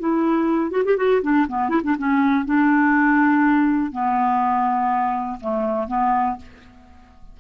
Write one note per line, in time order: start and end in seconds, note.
0.00 0.71 E4
0.71 0.84 F#4
0.85 0.97 G4
0.97 1.22 F#4
1.23 1.47 D4
1.48 1.69 B3
1.69 1.82 E4
1.84 1.96 D4
1.98 2.46 C#4
2.46 3.92 D4
3.92 5.40 B3
5.41 5.88 A3
5.88 6.37 B3